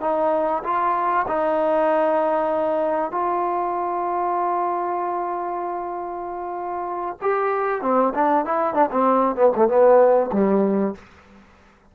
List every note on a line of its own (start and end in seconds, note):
0.00 0.62 D#4
0.63 1.26 F4
1.27 3.11 D#4
3.11 7.17 F4
7.21 7.82 G4
7.82 8.13 C4
8.14 8.45 D4
8.45 8.74 E4
8.74 8.89 D4
8.91 9.35 C4
9.35 9.51 B3
9.56 9.67 A3
9.67 10.30 B3
10.32 10.94 G3